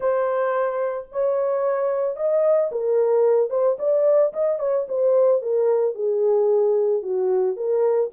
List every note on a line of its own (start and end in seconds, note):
0.00 1.07 C5
1.12 2.16 C#5
2.16 2.70 D#5
2.71 3.49 A#4
3.49 3.76 C5
3.78 4.32 D5
4.33 4.59 D#5
4.59 4.86 C#5
4.88 5.42 C5
5.42 5.95 A#4
5.95 7.02 G#4
7.02 7.56 F#4
7.56 8.10 A#4